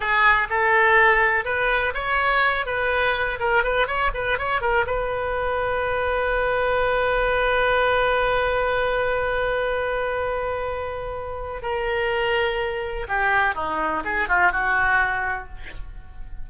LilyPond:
\new Staff \with { instrumentName = "oboe" } { \time 4/4 \tempo 4 = 124 gis'4 a'2 b'4 | cis''4. b'4. ais'8 b'8 | cis''8 b'8 cis''8 ais'8 b'2~ | b'1~ |
b'1~ | b'1 | ais'2. g'4 | dis'4 gis'8 f'8 fis'2 | }